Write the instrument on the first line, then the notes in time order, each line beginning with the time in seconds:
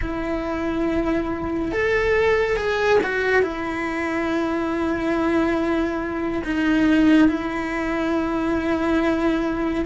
cello
0.01 E4
1.71 A4
2.56 G#4
3.03 F#4
3.42 E4
6.44 D#4
7.28 E4